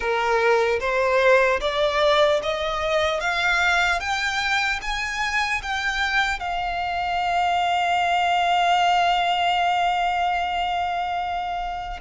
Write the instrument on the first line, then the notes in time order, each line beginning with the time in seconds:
violin
0.00 A#4
0.80 C5
1.60 D5
2.42 D#5
3.20 F5
4.00 G5
4.81 G#5
5.62 G5
6.39 F5